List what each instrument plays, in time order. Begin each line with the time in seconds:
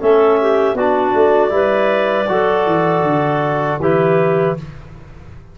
0.00 tuba A3, trombone C#4, clarinet A4 E5
0.41 clarinet G4
0.74 tuba B3, clarinet F#4 D5
0.80 trombone D4
1.14 tuba A3
1.49 tuba G3, trombone E4, clarinet B4
2.28 tuba F#3, trombone F#4, clarinet A4
2.66 tuba E3
3.03 tuba D3
3.79 tuba E3, trombone E4, clarinet G4 B4